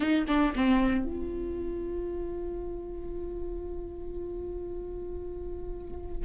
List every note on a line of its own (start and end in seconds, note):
0.00 0.25 D#4
0.27 0.53 D4
0.55 1.04 C4
1.04 6.25 F4